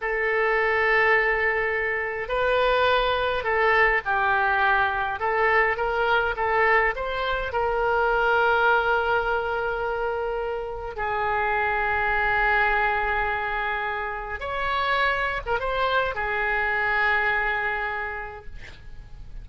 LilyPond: \new Staff \with { instrumentName = "oboe" } { \time 4/4 \tempo 4 = 104 a'1 | b'2 a'4 g'4~ | g'4 a'4 ais'4 a'4 | c''4 ais'2.~ |
ais'2. gis'4~ | gis'1~ | gis'4 cis''4.~ cis''16 ais'16 c''4 | gis'1 | }